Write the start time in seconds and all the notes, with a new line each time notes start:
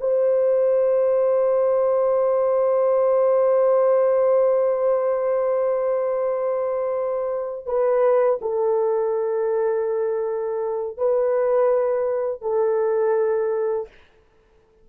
0.00 C5
7.66 B4
8.41 A4
10.97 B4
12.41 A4